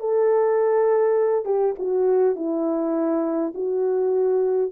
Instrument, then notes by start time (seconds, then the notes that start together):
horn
0.00 A4
1.45 G4
1.79 F#4
2.36 E4
3.55 F#4